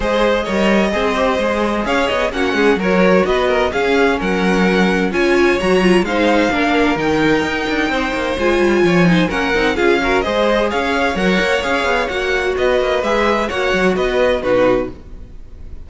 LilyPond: <<
  \new Staff \with { instrumentName = "violin" } { \time 4/4 \tempo 4 = 129 dis''1 | f''8 dis''8 fis''4 cis''4 dis''4 | f''4 fis''2 gis''4 | ais''4 f''2 g''4~ |
g''2 gis''2 | fis''4 f''4 dis''4 f''4 | fis''4 f''4 fis''4 dis''4 | e''4 fis''4 dis''4 b'4 | }
  \new Staff \with { instrumentName = "violin" } { \time 4/4 c''4 cis''4 c''2 | cis''4 fis'8 gis'8 ais'4 b'8 ais'8 | gis'4 ais'2 cis''4~ | cis''4 c''4 ais'2~ |
ais'4 c''2 cis''8 c''8 | ais'4 gis'8 ais'8 c''4 cis''4~ | cis''2. b'4~ | b'4 cis''4 b'4 fis'4 | }
  \new Staff \with { instrumentName = "viola" } { \time 4/4 gis'4 ais'4 gis'8 g'8 gis'4~ | gis'4 cis'4 fis'2 | cis'2. f'4 | fis'8 f'8 dis'4 d'4 dis'4~ |
dis'2 f'4. dis'8 | cis'8 dis'8 f'8 fis'8 gis'2 | ais'4 gis'4 fis'2 | gis'4 fis'2 dis'4 | }
  \new Staff \with { instrumentName = "cello" } { \time 4/4 gis4 g4 c'4 gis4 | cis'8 b8 ais8 gis8 fis4 b4 | cis'4 fis2 cis'4 | fis4 gis4 ais4 dis4 |
dis'8 d'8 c'8 ais8 gis8 g8 f4 | ais8 c'8 cis'4 gis4 cis'4 | fis8 ais8 cis'8 b8 ais4 b8 ais8 | gis4 ais8 fis8 b4 b,4 | }
>>